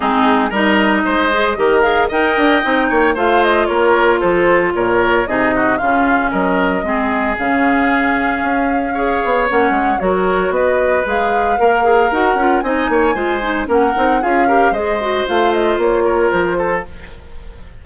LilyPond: <<
  \new Staff \with { instrumentName = "flute" } { \time 4/4 \tempo 4 = 114 gis'4 dis''2~ dis''8 f''8 | g''2 f''8 dis''8 cis''4 | c''4 cis''4 dis''4 f''4 | dis''2 f''2~ |
f''2 fis''4 cis''4 | dis''4 f''2 fis''4 | gis''2 fis''4 f''4 | dis''4 f''8 dis''8 cis''4 c''4 | }
  \new Staff \with { instrumentName = "oboe" } { \time 4/4 dis'4 ais'4 c''4 ais'4 | dis''4. cis''8 c''4 ais'4 | a'4 ais'4 gis'8 fis'8 f'4 | ais'4 gis'2.~ |
gis'4 cis''2 ais'4 | b'2 ais'2 | dis''8 cis''8 c''4 ais'4 gis'8 ais'8 | c''2~ c''8 ais'4 a'8 | }
  \new Staff \with { instrumentName = "clarinet" } { \time 4/4 c'4 dis'4. gis'8 g'8 gis'8 | ais'4 dis'4 f'2~ | f'2 dis'4 cis'4~ | cis'4 c'4 cis'2~ |
cis'4 gis'4 cis'4 fis'4~ | fis'4 gis'4 ais'8 gis'8 fis'8 f'8 | dis'4 f'8 dis'8 cis'8 dis'8 f'8 g'8 | gis'8 fis'8 f'2. | }
  \new Staff \with { instrumentName = "bassoon" } { \time 4/4 gis4 g4 gis4 dis4 | dis'8 d'8 c'8 ais8 a4 ais4 | f4 ais,4 c4 cis4 | fis4 gis4 cis2 |
cis'4. b8 ais8 gis8 fis4 | b4 gis4 ais4 dis'8 cis'8 | c'8 ais8 gis4 ais8 c'8 cis'4 | gis4 a4 ais4 f4 | }
>>